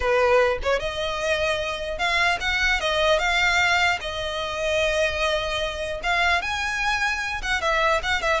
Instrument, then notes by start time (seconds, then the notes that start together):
violin
0.00 B4
0.63 C#5
0.79 D#5
1.98 F5
2.40 F#5
2.80 D#5
3.18 F5
4.01 D#5
6.03 F5
6.41 G#5
7.42 F#5
7.61 E5
8.02 F#5
8.21 E5